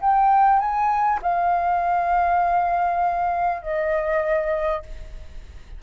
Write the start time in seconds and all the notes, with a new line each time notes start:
0.00 G5
0.59 G#5
1.22 F5
3.62 D#5